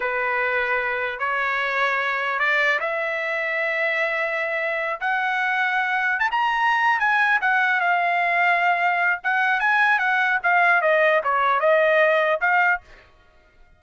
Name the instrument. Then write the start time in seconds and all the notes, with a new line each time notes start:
trumpet
0.00 B4
1.19 C#5
2.39 D5
2.80 E5
5.00 F#5
6.19 A5
6.31 A#5
6.99 G#5
7.41 F#5
7.80 F5
9.23 F#5
9.60 G#5
9.99 F#5
10.43 F5
10.81 D#5
11.23 C#5
11.60 D#5
12.40 F5